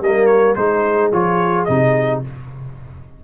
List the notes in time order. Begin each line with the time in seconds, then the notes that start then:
0.00 G3 A#3 A#4 D#5
0.26 C#5
0.55 G#3 D#4 G#4 C5
1.12 F3 F4 C#5
1.64 C3 D#4 D#5